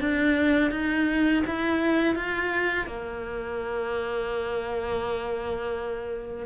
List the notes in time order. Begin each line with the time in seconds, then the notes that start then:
0.00 D4
0.71 D#4
1.46 E4
2.16 F4
2.86 A#3